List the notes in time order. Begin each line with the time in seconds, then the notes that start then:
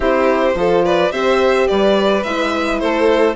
0.00 C4 E4 G4 C5
0.54 F3 F4 A4
0.85 B4 D5
1.11 C4 G4 C5 E5
1.67 G3 B4 D5
2.23 G#3 E4 E5
2.79 A3 A4 C5